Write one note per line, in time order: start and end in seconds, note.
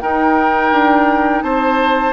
0.00 0.72 D#4
0.00 2.13 D#4
0.00 1.44 A#4
0.00 1.43 G5
0.72 1.43 D4
1.43 2.13 C4
1.43 2.13 C5
1.43 2.13 A5